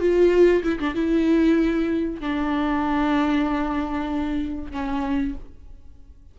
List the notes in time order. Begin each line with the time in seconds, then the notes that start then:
0.00 F4
0.63 E4
0.80 D4
0.95 E4
2.20 D4
4.72 C#4